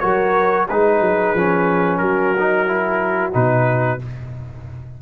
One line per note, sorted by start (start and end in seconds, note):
0.00 0.70 F#3
0.00 0.67 F#4
0.00 0.67 A#4
0.00 0.67 C#5
0.69 1.01 G#3
0.69 1.37 D#4
0.69 2.01 G#4
0.69 1.98 B4
1.01 1.34 F#3
1.35 2.01 F3
1.35 2.37 C#4
1.98 3.34 F#3
1.98 4.01 F#4
1.98 3.31 A#4
2.38 2.67 D#4
2.67 3.32 E4
3.32 4.02 B2
3.32 3.99 D#4
3.32 4.01 B4